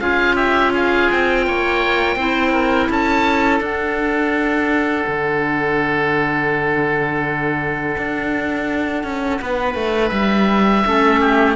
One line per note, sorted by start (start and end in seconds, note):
0.00 1.09 C#4
0.00 2.17 F4
0.00 0.35 G#4
0.00 0.36 F5
0.35 0.72 G4
0.35 0.72 E5
0.73 1.45 G#4
0.73 1.11 F5
1.11 1.47 C4
1.11 2.92 G5
1.47 2.16 A#3
1.47 2.16 C#5
2.16 2.88 C4
2.16 3.61 E4
2.16 2.52 C5
2.52 2.88 A#4
2.90 3.60 C#4
2.90 9.41 A4
2.90 3.64 A5
3.60 5.05 D4
3.60 10.84 D4
3.60 10.09 F#5
5.07 7.96 D3
7.97 9.03 D4
9.03 9.40 C#4
9.41 9.75 B3
9.41 10.86 B4
9.75 10.11 A3
10.09 10.84 G3
10.09 11.53 E5
10.86 11.56 A3
10.86 11.56 C#4
10.86 11.20 A4
11.20 11.56 G4